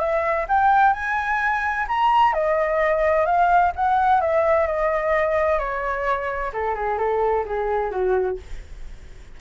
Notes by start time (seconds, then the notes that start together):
0.00 E5
0.49 G5
0.94 G#5
1.89 A#5
2.33 D#5
3.26 F5
3.76 F#5
4.21 E5
4.67 D#5
5.59 C#5
6.54 A4
6.75 G#4
6.99 A4
7.46 G#4
7.91 F#4